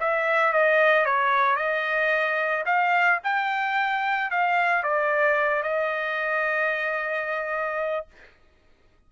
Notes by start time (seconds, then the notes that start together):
0.00 E5
0.53 D#5
1.05 C#5
1.56 D#5
2.66 F5
3.24 G5
4.31 F5
4.83 D5
5.63 D#5